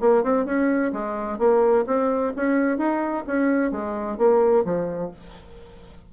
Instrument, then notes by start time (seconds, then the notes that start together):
bassoon
0.00 A#3
0.23 C4
0.45 C#4
0.92 G#3
1.38 A#3
1.86 C4
2.36 C#4
2.77 D#4
3.27 C#4
3.71 G#3
4.18 A#3
4.64 F3